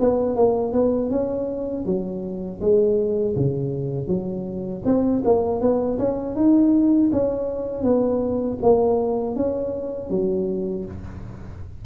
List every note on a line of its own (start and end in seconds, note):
0.00 0.36 B3
0.36 0.73 A#3
0.73 1.10 B3
1.10 1.85 C#4
1.85 2.60 F#3
2.60 3.35 G#3
3.36 4.08 C#3
4.08 4.83 F#3
4.85 5.23 C4
5.25 5.61 A#3
5.61 5.98 B3
5.99 6.35 C#4
6.35 7.10 D#4
7.12 7.83 C#4
7.83 8.58 B3
8.62 9.36 A#3
9.36 10.10 C#4
10.10 10.85 F#3